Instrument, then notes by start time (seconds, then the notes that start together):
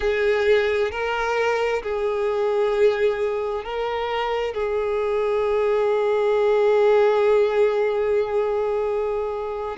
violin
0.00 G#4
0.91 A#4
1.83 G#4
3.64 A#4
4.54 G#4